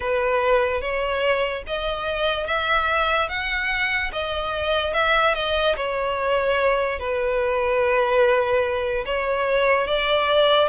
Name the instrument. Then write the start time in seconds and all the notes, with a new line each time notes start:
violin
0.00 B4
0.81 C#5
1.67 D#5
2.46 E5
3.29 F#5
4.12 D#5
4.93 E5
5.34 D#5
5.76 C#5
6.99 B4
9.05 C#5
9.87 D5